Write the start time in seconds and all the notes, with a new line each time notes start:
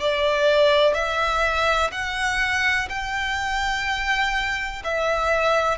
0.00 D5
0.94 E5
1.92 F#5
2.89 G5
4.84 E5